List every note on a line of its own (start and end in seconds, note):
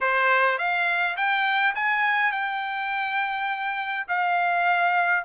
0.00 0.58 C5
0.58 1.16 F5
1.16 1.74 G5
1.75 2.32 G#5
2.32 4.06 G5
4.08 5.24 F5